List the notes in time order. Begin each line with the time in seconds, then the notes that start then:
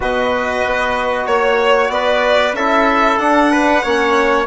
0.00 B2 F#4 B4 D#5
0.65 B3
1.26 A#3 C#5
1.89 B3 B4 D5
2.53 C#4 E4 A4 E5
3.18 D4 F#5
3.51 B4
3.82 A#3 C#4 C#5